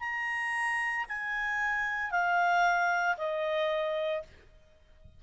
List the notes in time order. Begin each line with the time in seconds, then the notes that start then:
0.00 A#5
1.08 G#5
2.11 F5
3.17 D#5